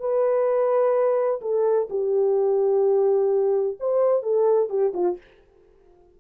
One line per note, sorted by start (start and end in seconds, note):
0.00 1.41 B4
1.42 1.89 A4
1.90 3.78 G4
3.80 4.23 C5
4.23 4.70 A4
4.70 4.93 G4
4.94 5.18 F4